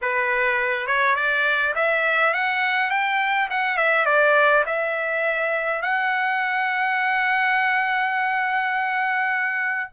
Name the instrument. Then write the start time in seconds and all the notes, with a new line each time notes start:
trumpet
0.01 B4
0.86 C#5
1.15 D5
1.75 E5
2.33 F#5
2.90 G5
3.50 F#5
3.77 E5
4.05 D5
4.65 E5
5.82 F#5